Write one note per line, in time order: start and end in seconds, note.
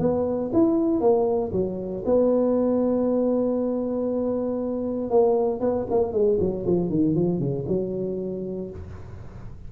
0.00 0.51 B3
0.54 1.01 E4
1.01 1.52 A#3
1.53 2.04 F#3
2.06 5.11 B3
5.11 5.61 A#3
5.61 5.86 B3
5.91 6.13 A#3
6.13 6.39 G#3
6.40 6.66 F#3
6.67 6.90 F3
6.90 7.15 D#3
7.15 7.40 F3
7.40 7.65 C#3
7.68 8.71 F#3